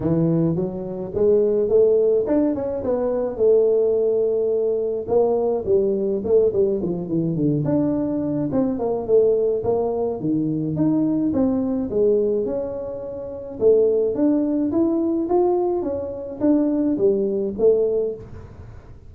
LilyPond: \new Staff \with { instrumentName = "tuba" } { \time 4/4 \tempo 4 = 106 e4 fis4 gis4 a4 | d'8 cis'8 b4 a2~ | a4 ais4 g4 a8 g8 | f8 e8 d8 d'4. c'8 ais8 |
a4 ais4 dis4 dis'4 | c'4 gis4 cis'2 | a4 d'4 e'4 f'4 | cis'4 d'4 g4 a4 | }